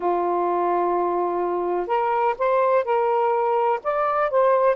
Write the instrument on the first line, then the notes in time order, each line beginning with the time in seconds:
saxophone
0.00 F4
1.87 A#4
2.38 C5
2.84 A#4
3.83 D5
4.30 C5